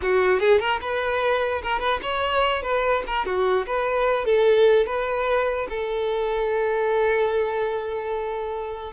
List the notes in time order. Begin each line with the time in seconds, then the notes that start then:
0.01 F#4
0.39 G#4
0.59 A#4
0.81 B4
1.62 A#4
1.79 B4
2.02 C#5
2.62 B4
3.06 A#4
3.25 F#4
3.66 B4
4.25 A4
4.86 B4
5.69 A4